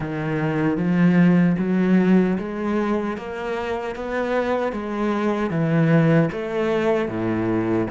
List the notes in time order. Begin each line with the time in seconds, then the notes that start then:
0.00 D#3
0.77 F3
1.58 F#3
2.38 G#3
3.17 A#3
3.95 B3
4.72 G#3
5.50 E3
6.32 A3
7.08 A2